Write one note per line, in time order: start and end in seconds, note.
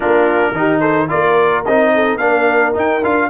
0.00 0.51 A#3
0.00 0.54 D4
0.00 0.53 F4
0.00 0.80 A#4
0.51 1.06 D#3
0.51 1.08 D#4
0.58 0.80 G4
0.80 1.08 A4
0.80 1.07 C5
1.08 1.67 A#3
1.08 1.63 F4
1.08 1.93 A#4
1.08 1.64 D5
1.65 2.20 C4
1.65 2.19 D#4
1.65 2.17 D#5
1.94 2.22 A4
2.17 2.75 A#3
2.17 2.74 D4
2.17 3.29 A#4
2.17 2.72 F5
2.74 3.01 D#4
2.74 3.03 D#4
2.74 3.04 G5
3.03 3.29 D4
3.03 3.29 F4
3.03 3.29 F5